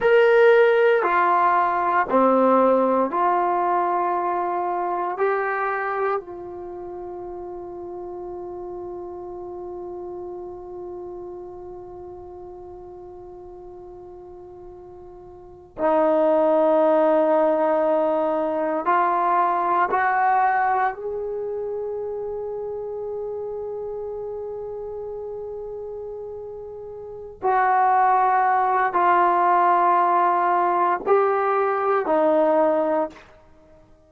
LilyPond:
\new Staff \with { instrumentName = "trombone" } { \time 4/4 \tempo 4 = 58 ais'4 f'4 c'4 f'4~ | f'4 g'4 f'2~ | f'1~ | f'2.~ f'16 dis'8.~ |
dis'2~ dis'16 f'4 fis'8.~ | fis'16 gis'2.~ gis'8.~ | gis'2~ gis'8 fis'4. | f'2 g'4 dis'4 | }